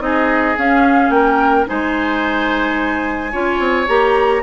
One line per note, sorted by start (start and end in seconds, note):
0.00 0.55 C4
0.00 0.55 D#4
0.00 1.15 G#4
0.00 0.56 D#5
0.58 1.10 C#4
0.58 1.66 C#4
0.58 1.10 F5
1.10 1.65 A#3
1.10 1.69 A#4
1.10 1.65 G5
1.66 3.33 G#3
1.66 3.31 D#4
1.66 3.32 C5
1.66 3.88 G#5
3.32 3.60 C#4
3.32 3.87 F4
3.32 4.42 C#5
3.60 3.87 C4
3.87 4.42 A#3
3.87 4.42 G4
3.87 4.42 A#5